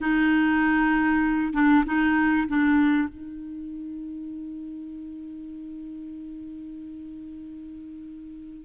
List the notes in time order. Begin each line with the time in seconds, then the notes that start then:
0.00 D#4
1.53 D4
1.86 D#4
2.47 D4
3.08 D#4